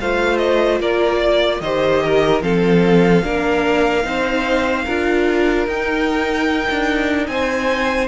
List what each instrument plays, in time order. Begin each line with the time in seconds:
0.00 cello A3, viola F4, violin C5 F5
0.37 violin D#5
0.80 cello A#3, violin A#4 D5
1.19 violin D5
1.60 cello D#3, viola G4, violin C5 D#5
2.03 violin A#4
2.41 cello F3, viola C4, violin A4 F5
3.23 cello A#3, viola D4, violin A#4
4.03 cello C4, viola D#4, violin C5
4.85 cello D4, viola F4, violin A#4
5.67 cello D#4, viola D#4, violin G5
6.70 cello D4
7.26 cello C4, violin C5 G#5